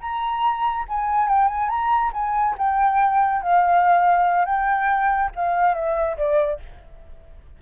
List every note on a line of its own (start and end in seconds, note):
0.00 0.85 A#5
0.88 1.28 G#5
1.28 1.47 G5
1.47 1.68 G#5
1.68 2.11 A#5
2.13 2.55 G#5
2.58 3.42 G5
3.42 4.45 F5
4.45 5.30 G5
5.35 5.74 F5
5.74 6.17 E5
6.17 6.59 D5